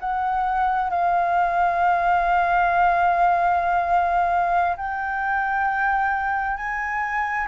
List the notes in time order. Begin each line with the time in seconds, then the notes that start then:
0.00 F#5
0.90 F5
4.77 G5
6.57 G#5